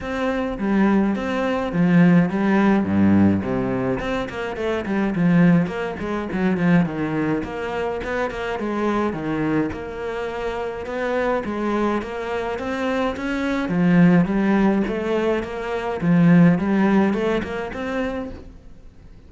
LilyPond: \new Staff \with { instrumentName = "cello" } { \time 4/4 \tempo 4 = 105 c'4 g4 c'4 f4 | g4 g,4 c4 c'8 ais8 | a8 g8 f4 ais8 gis8 fis8 f8 | dis4 ais4 b8 ais8 gis4 |
dis4 ais2 b4 | gis4 ais4 c'4 cis'4 | f4 g4 a4 ais4 | f4 g4 a8 ais8 c'4 | }